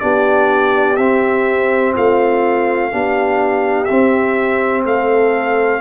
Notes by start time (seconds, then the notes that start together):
0.00 B3 D4 G4 D5
0.97 C4 E5
1.94 A3 F4 F5
2.92 B3 D4 G4
3.85 C4 E5
4.85 A3 A4 F5